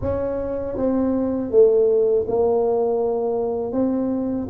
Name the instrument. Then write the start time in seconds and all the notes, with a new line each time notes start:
tuba
0.01 C#4
0.77 C4
1.50 A3
2.27 A#3
3.72 C4